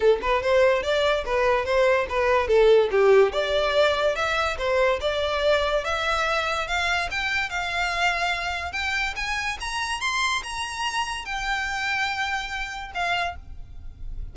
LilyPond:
\new Staff \with { instrumentName = "violin" } { \time 4/4 \tempo 4 = 144 a'8 b'8 c''4 d''4 b'4 | c''4 b'4 a'4 g'4 | d''2 e''4 c''4 | d''2 e''2 |
f''4 g''4 f''2~ | f''4 g''4 gis''4 ais''4 | c'''4 ais''2 g''4~ | g''2. f''4 | }